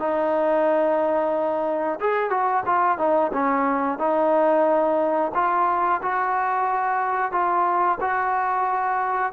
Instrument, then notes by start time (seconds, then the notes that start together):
trombone
0.00 D#4
2.01 G#4
2.31 F#4
2.66 F4
2.99 D#4
3.33 C#4
3.99 D#4
5.35 F4
6.02 F#4
7.32 F4
8.01 F#4